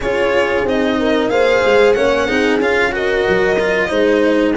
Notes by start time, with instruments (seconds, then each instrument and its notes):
0.00 tuba C#4, cello F4, horn G#4, violin C#5
0.63 tuba C4, cello D#4, violin D#5
0.99 horn A#4
1.28 tuba A#3, cello G#4, horn C5, violin F5
1.65 tuba G#3
1.93 tuba A#3, cello C#4, horn C#5, violin F#5
2.26 tuba C4, cello D#4, horn G#4
2.59 tuba C#4, cello F4, violin F5
2.91 cello F#4, horn A#4, violin D#5
3.28 tuba F#3
3.59 cello F4
3.88 tuba G#3, cello D#4, horn C5